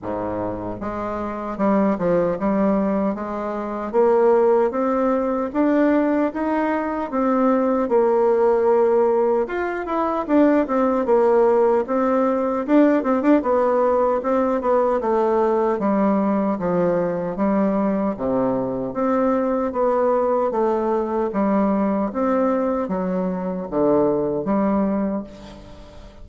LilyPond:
\new Staff \with { instrumentName = "bassoon" } { \time 4/4 \tempo 4 = 76 gis,4 gis4 g8 f8 g4 | gis4 ais4 c'4 d'4 | dis'4 c'4 ais2 | f'8 e'8 d'8 c'8 ais4 c'4 |
d'8 c'16 d'16 b4 c'8 b8 a4 | g4 f4 g4 c4 | c'4 b4 a4 g4 | c'4 fis4 d4 g4 | }